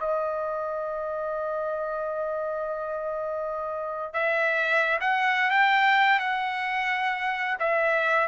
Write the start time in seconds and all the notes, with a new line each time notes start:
0.00 D#5
4.13 E5
5.00 F#5
5.51 G5
6.19 F#5
7.59 E5